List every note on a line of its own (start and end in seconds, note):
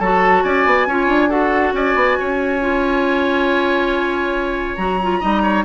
0.00 0.43 F#3
0.00 0.89 F#4
0.00 0.44 A4
0.00 0.44 A5
0.44 0.66 C#4
0.44 0.88 D5
0.44 1.30 G#5
0.66 0.87 B3
0.87 1.08 C#4
0.87 1.29 F4
0.87 1.29 C#5
1.08 1.73 D4
1.29 2.60 F#4
1.29 1.73 A4
1.29 1.74 F#5
1.73 1.94 C#4
1.73 2.19 D5
1.73 4.76 G#5
1.95 2.17 B3
2.19 4.77 C#4
2.19 5.20 C#5
2.61 4.78 F4
4.76 5.21 F#3
4.76 4.99 F#4
4.76 5.63 A#5
5.03 5.21 F4
5.20 5.65 G3
5.20 5.65 D#4
5.20 5.42 D#5
5.43 5.64 C#5